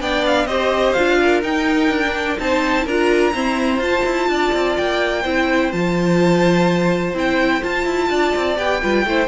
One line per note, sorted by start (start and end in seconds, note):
0.00 0.46 B3
0.00 0.48 D4
0.00 0.47 D5
0.00 0.25 G5
0.26 0.47 F5
0.46 0.93 C4
0.46 0.97 G4
0.46 1.19 C5
0.46 0.93 D#5
0.93 1.43 D4
0.93 1.43 F4
0.93 1.41 F5
1.22 2.41 A#4
1.43 1.90 D#4
1.43 2.03 D#4
1.43 2.39 G5
1.90 2.38 D4
2.06 2.38 D4
2.38 2.86 C4
2.38 2.86 D#4
2.38 2.85 C5
2.38 2.87 A5
2.85 3.34 D4
2.85 3.33 F4
2.85 3.33 A#4
2.85 3.83 A#5
3.33 3.81 C4
3.33 3.79 E4
3.33 4.30 C5
3.79 4.03 F4
3.79 5.24 F4
3.79 4.77 A5
4.06 4.29 E4
4.29 4.53 D4
4.29 5.22 D5
4.54 4.78 C4
4.77 5.25 A#3
4.77 5.72 G5
5.22 5.73 C4
5.22 5.73 E4
5.22 8.08 C5
5.72 7.14 F3
5.72 7.15 F4
5.72 7.15 A5
7.14 7.62 C4
7.14 7.62 E4
7.14 7.63 G5
7.62 8.56 F4
7.62 7.86 F4
7.62 8.58 A5
7.86 8.10 E4
8.10 8.34 D4
8.10 8.81 D5
8.37 8.58 C4
8.56 8.82 B3
8.56 8.80 G4
8.56 9.28 G5
8.82 9.05 G3
8.82 9.07 F4
8.82 9.06 B4
9.05 9.28 A3
9.05 9.28 E4
9.05 9.28 C5